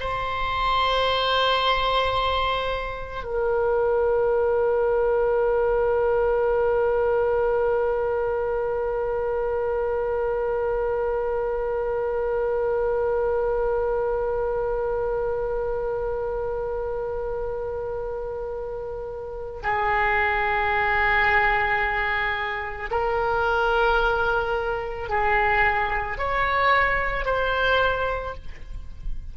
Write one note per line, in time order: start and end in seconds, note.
0.00 3.24 C5
3.24 19.60 A#4
19.63 22.90 G#4
22.91 25.09 A#4
25.09 26.18 G#4
26.18 27.25 C#5
27.25 28.34 C5